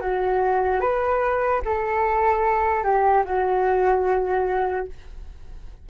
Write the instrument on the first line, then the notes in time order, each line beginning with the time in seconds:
flute
0.00 F#4
0.80 B4
1.65 A4
2.83 G4
3.25 F#4